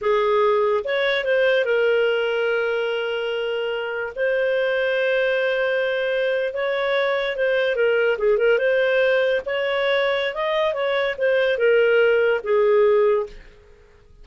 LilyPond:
\new Staff \with { instrumentName = "clarinet" } { \time 4/4 \tempo 4 = 145 gis'2 cis''4 c''4 | ais'1~ | ais'2 c''2~ | c''2.~ c''8. cis''16~ |
cis''4.~ cis''16 c''4 ais'4 gis'16~ | gis'16 ais'8 c''2 cis''4~ cis''16~ | cis''4 dis''4 cis''4 c''4 | ais'2 gis'2 | }